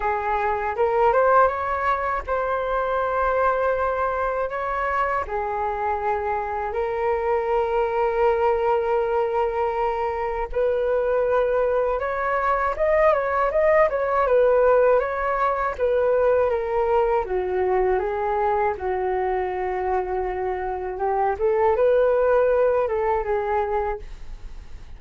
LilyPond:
\new Staff \with { instrumentName = "flute" } { \time 4/4 \tempo 4 = 80 gis'4 ais'8 c''8 cis''4 c''4~ | c''2 cis''4 gis'4~ | gis'4 ais'2.~ | ais'2 b'2 |
cis''4 dis''8 cis''8 dis''8 cis''8 b'4 | cis''4 b'4 ais'4 fis'4 | gis'4 fis'2. | g'8 a'8 b'4. a'8 gis'4 | }